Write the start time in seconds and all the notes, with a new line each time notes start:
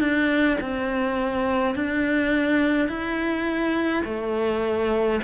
0.00 D4
0.61 C4
1.75 D4
2.88 E4
4.05 A3